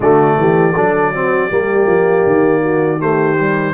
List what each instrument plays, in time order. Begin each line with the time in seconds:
0.00 tuba D3, trombone A3, horn F#4, trumpet D5
0.37 tuba E3, horn G4
0.74 tuba F#3, trombone D4, horn A4
1.14 trombone C4, horn F#4
1.49 tuba G3, trombone A#3, horn G4
1.86 tuba F3
2.26 tuba D#3
2.62 horn F#4
2.98 trombone A3, horn G4, trumpet C5
3.39 trombone G3